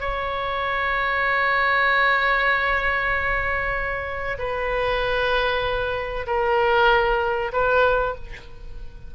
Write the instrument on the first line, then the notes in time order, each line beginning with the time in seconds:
oboe
0.00 C#5
4.38 B4
6.26 A#4
7.52 B4